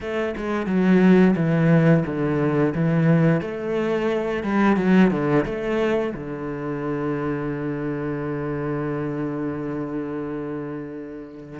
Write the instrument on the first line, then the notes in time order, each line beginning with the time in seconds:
cello
0.00 A3
0.36 G#3
0.66 F#3
1.35 E3
2.05 D3
2.75 E3
3.41 A3
4.43 G3
4.76 F#3
5.10 D3
5.45 A3
6.14 D3